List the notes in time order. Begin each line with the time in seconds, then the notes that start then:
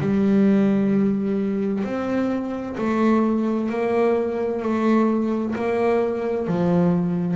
0.00 G3
1.83 C4
2.77 A3
3.69 A#3
4.62 A3
5.55 A#3
6.47 F3